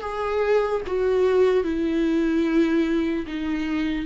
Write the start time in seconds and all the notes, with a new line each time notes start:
0.00 G#4
0.87 F#4
1.63 E4
3.26 D#4